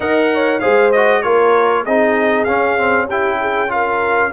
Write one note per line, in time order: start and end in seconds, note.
0.00 0.61 D#4
0.00 0.60 A#4
0.00 0.29 D#5
0.00 0.60 F#5
0.33 0.61 C#5
0.60 1.24 G#3
0.60 0.92 G#4
0.60 1.23 C5
0.60 0.91 F5
0.92 1.23 F#4
0.92 1.22 D#5
1.22 1.86 A#3
1.22 1.85 F4
1.22 1.83 A#4
1.22 1.84 C#5
1.83 2.46 C4
1.83 2.47 D#4
1.83 3.07 G#4
1.83 2.44 D#5
2.44 4.32 C#4
2.44 2.77 C#4
2.44 3.06 F5
2.77 3.08 C4
3.07 3.68 E4
3.07 3.38 G4
3.07 3.71 G5
3.40 3.71 G#4
3.68 4.30 F4
3.68 4.32 A#4
3.68 4.32 F5